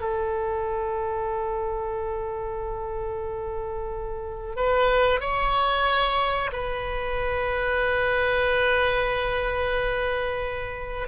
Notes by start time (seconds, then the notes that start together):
0.00 A4
4.56 B4
5.20 C#5
6.52 B4